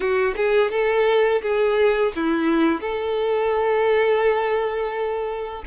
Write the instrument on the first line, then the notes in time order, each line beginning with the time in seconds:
violin
0.00 F#4
0.36 G#4
0.71 A4
1.41 G#4
2.15 E4
2.80 A4